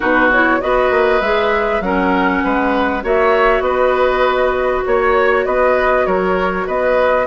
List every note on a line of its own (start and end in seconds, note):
0.00 0.62 B2
0.00 0.30 D#4
0.00 0.58 F#4
0.00 0.30 B4
0.31 0.60 E4
0.31 0.61 C#5
0.60 0.90 B3
0.60 1.21 F#4
0.60 1.83 B4
0.60 1.21 D#5
0.90 1.20 A#3
1.21 1.80 G#3
1.21 1.83 G#4
1.21 1.81 E5
1.80 2.41 F#3
1.80 3.02 C#4
1.80 2.43 A#4
1.80 3.03 F#5
2.43 3.03 G#3
2.43 3.03 B4
3.02 3.60 A#3
3.02 7.26 F#4
3.02 3.63 C#5
3.02 3.61 E5
3.60 4.81 B3
3.60 4.85 B4
3.60 4.82 D#5
4.85 5.46 A#3
4.85 5.45 C#5
4.85 5.46 C#5
5.45 6.06 B3
5.45 6.06 B4
5.45 6.06 D#5
6.06 6.67 F#3
6.06 6.67 A#4
6.06 6.66 C#5
6.67 7.26 B3
6.67 7.26 B4
6.67 7.26 D#5